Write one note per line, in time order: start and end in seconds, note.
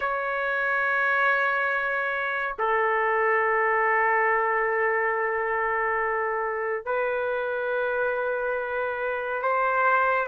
0.00 2.56 C#5
2.59 6.85 A4
6.85 9.42 B4
9.42 10.27 C5